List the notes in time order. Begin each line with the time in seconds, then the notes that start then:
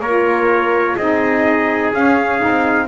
0.00 A#3 A#4 C#5
0.07 F4
0.96 C4 D#4 G#4 D#5
1.93 C#4 F5
2.40 C4 D#4